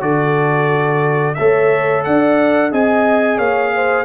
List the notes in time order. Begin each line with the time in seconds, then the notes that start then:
0.00 D3 F#4 A4 D5
1.34 A3 A4 C#5 E5
2.04 D4 D5 F#5
2.71 C4 G#4 D#5 G#5
3.38 A#3 C#5 F5
3.75 C5